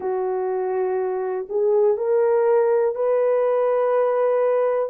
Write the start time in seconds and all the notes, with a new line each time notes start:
0.00 F#4
1.49 G#4
1.97 A#4
2.95 B4